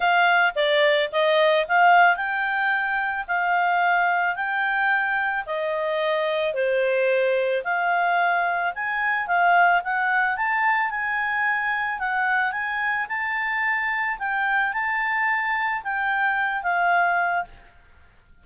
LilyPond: \new Staff \with { instrumentName = "clarinet" } { \time 4/4 \tempo 4 = 110 f''4 d''4 dis''4 f''4 | g''2 f''2 | g''2 dis''2 | c''2 f''2 |
gis''4 f''4 fis''4 a''4 | gis''2 fis''4 gis''4 | a''2 g''4 a''4~ | a''4 g''4. f''4. | }